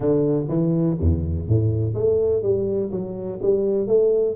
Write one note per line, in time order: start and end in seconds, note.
0.00 0.47 D3
0.49 0.97 E3
1.00 1.48 E2
1.48 1.94 A2
1.94 2.42 A3
2.42 2.90 G3
2.91 3.39 F#3
3.41 3.87 G3
3.87 4.35 A3